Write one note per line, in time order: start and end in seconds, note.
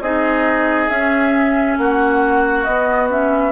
0.00 0.88 C4
0.00 0.90 D#4
0.00 1.78 G#4
0.00 0.88 D#5
0.88 1.77 C#4
0.88 2.66 C#4
0.88 1.77 E5
1.78 2.66 A#3
1.78 3.52 F#4
1.78 2.64 F#5
2.64 3.52 B3
2.64 3.10 B3
2.64 3.08 D#5
3.10 3.52 C#4
3.10 3.52 E5